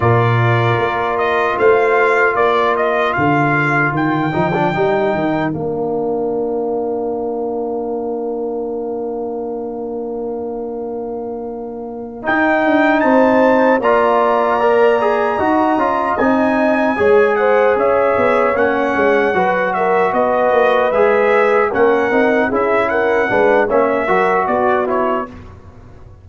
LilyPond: <<
  \new Staff \with { instrumentName = "trumpet" } { \time 4/4 \tempo 4 = 76 d''4. dis''8 f''4 d''8 dis''8 | f''4 g''2 f''4~ | f''1~ | f''2.~ f''8 g''8~ |
g''8 a''4 ais''2~ ais''8~ | ais''8 gis''4. fis''8 e''4 fis''8~ | fis''4 e''8 dis''4 e''4 fis''8~ | fis''8 e''8 fis''4 e''4 d''8 cis''8 | }
  \new Staff \with { instrumentName = "horn" } { \time 4/4 ais'2 c''4 ais'4~ | ais'1~ | ais'1~ | ais'1~ |
ais'8 c''4 d''2 dis''8~ | dis''4. cis''8 c''8 cis''4.~ | cis''8 b'8 ais'8 b'2 ais'8~ | ais'8 gis'8 ais'8 b'8 cis''8 ais'8 fis'4 | }
  \new Staff \with { instrumentName = "trombone" } { \time 4/4 f'1~ | f'4. dis'16 d'16 dis'4 d'4~ | d'1~ | d'2.~ d'8 dis'8~ |
dis'4. f'4 ais'8 gis'8 fis'8 | f'8 dis'4 gis'2 cis'8~ | cis'8 fis'2 gis'4 cis'8 | dis'8 e'4 d'8 cis'8 fis'4 e'8 | }
  \new Staff \with { instrumentName = "tuba" } { \time 4/4 ais,4 ais4 a4 ais4 | d4 dis8 f8 g8 dis8 ais4~ | ais1~ | ais2.~ ais8 dis'8 |
d'8 c'4 ais2 dis'8 | cis'8 c'4 gis4 cis'8 b8 ais8 | gis8 fis4 b8 ais8 gis4 ais8 | c'8 cis'4 gis8 ais8 fis8 b4 | }
>>